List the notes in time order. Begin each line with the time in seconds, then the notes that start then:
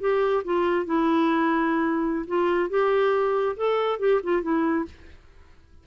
0.00 G4
0.44 F4
0.86 E4
2.27 F4
2.70 G4
3.57 A4
3.99 G4
4.23 F4
4.42 E4